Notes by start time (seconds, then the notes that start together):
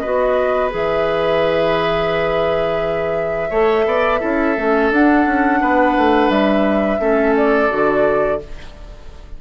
0.00 B3 F#4 B4 D#5
0.71 E3 G#4 E5
3.50 A3 A4 C#5
3.86 B3 D5
4.20 C#4 E4 A4
4.57 A3 C#4
4.92 D4 F#5
5.26 C#4
5.61 B3 B4
5.98 A3
6.30 G3 E5
7.00 A3 C#4 A4
7.37 D5
7.69 D3 F#4